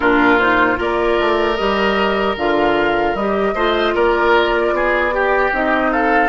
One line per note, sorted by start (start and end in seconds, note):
0.00 0.79 A#2
0.00 0.39 D4
0.00 0.78 F4
0.00 0.39 A#4
0.39 0.75 D#4
0.39 0.78 C5
0.75 1.19 A#3
0.75 1.54 F4
0.75 3.54 A#4
0.75 1.56 D5
1.19 1.59 A3
1.56 2.36 G3
1.56 2.37 G4
1.56 2.35 D#5
2.36 3.14 D3
2.36 3.16 F4
2.36 3.15 F5
3.14 3.54 G3
3.14 3.55 G4
3.14 3.94 D#5
3.54 3.94 A3
3.54 5.11 F4
3.54 3.94 C5
3.94 4.71 A#3
3.94 4.73 A#4
3.94 5.53 D5
4.71 5.50 B3
4.71 5.14 G#4
5.11 5.51 G4
5.11 5.91 G4
5.51 6.28 C4
5.51 6.28 D#4
5.51 5.92 D#5
5.91 6.28 A4
5.91 6.28 F5